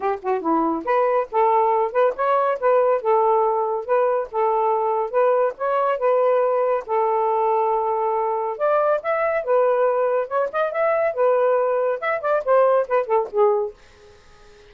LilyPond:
\new Staff \with { instrumentName = "saxophone" } { \time 4/4 \tempo 4 = 140 g'8 fis'8 e'4 b'4 a'4~ | a'8 b'8 cis''4 b'4 a'4~ | a'4 b'4 a'2 | b'4 cis''4 b'2 |
a'1 | d''4 e''4 b'2 | cis''8 dis''8 e''4 b'2 | e''8 d''8 c''4 b'8 a'8 gis'4 | }